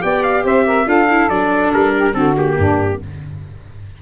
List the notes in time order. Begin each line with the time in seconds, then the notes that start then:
0.00 B3 G4 D5 G5
0.23 F5
0.44 C4 C5 E5
0.66 A#4
0.86 D4 F4 A4 F5
1.10 E4
1.29 F#3 D4 D5
1.73 G3 A#4
1.95 G4
2.13 D3 C4 F#4 A4
2.37 A#3 G4
2.58 G2 D4